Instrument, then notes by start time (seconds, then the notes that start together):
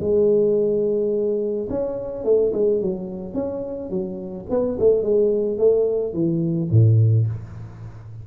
tuba
0.00 G#3
1.70 C#4
2.24 A3
2.53 G#3
2.81 F#3
3.34 C#4
3.90 F#3
4.50 B3
4.79 A3
5.02 G#3
5.58 A3
6.14 E3
6.71 A2